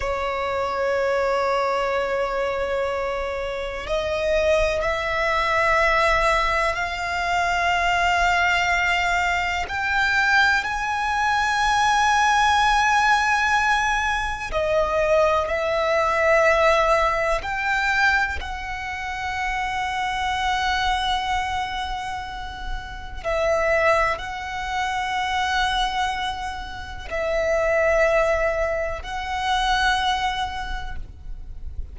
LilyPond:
\new Staff \with { instrumentName = "violin" } { \time 4/4 \tempo 4 = 62 cis''1 | dis''4 e''2 f''4~ | f''2 g''4 gis''4~ | gis''2. dis''4 |
e''2 g''4 fis''4~ | fis''1 | e''4 fis''2. | e''2 fis''2 | }